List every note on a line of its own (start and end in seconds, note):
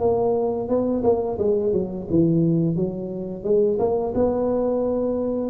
0.00 0.69 A#3
0.69 1.03 B3
1.03 1.38 A#3
1.39 1.73 G#3
1.73 2.07 F#3
2.10 2.76 E3
2.76 3.44 F#3
3.44 3.78 G#3
3.79 4.13 A#3
4.15 5.50 B3